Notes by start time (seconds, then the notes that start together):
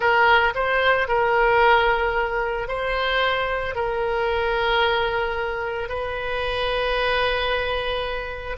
0.00 A#4
0.54 C5
1.08 A#4
2.68 C5
3.75 A#4
5.88 B4